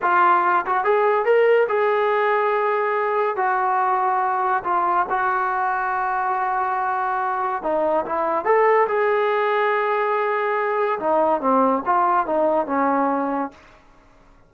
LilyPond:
\new Staff \with { instrumentName = "trombone" } { \time 4/4 \tempo 4 = 142 f'4. fis'8 gis'4 ais'4 | gis'1 | fis'2. f'4 | fis'1~ |
fis'2 dis'4 e'4 | a'4 gis'2.~ | gis'2 dis'4 c'4 | f'4 dis'4 cis'2 | }